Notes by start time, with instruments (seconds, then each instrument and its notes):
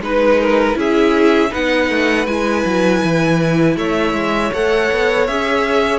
0.00 cello G#3, viola D#4, violin B4
0.40 violin A#4
0.74 cello C#4, viola E4, violin G#4 E5
1.50 cello B3, viola D#4, violin B4 F#5
1.90 cello A3
2.27 cello G#3, viola E4, violin G#5
2.65 cello F#3
3.04 cello E3
3.77 cello A3, violin C#5 E5
4.13 cello G#3
4.54 cello A3, viola A4, violin F#5
4.92 cello B3
5.27 cello C#4, viola G#4, violin E5